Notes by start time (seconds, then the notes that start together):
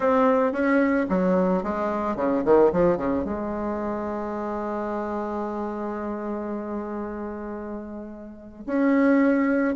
0.00 C4
0.52 C#4
1.09 F#3
1.63 G#3
2.16 C#3
2.44 D#3
2.72 F3
2.97 C#3
3.24 G#3
8.66 C#4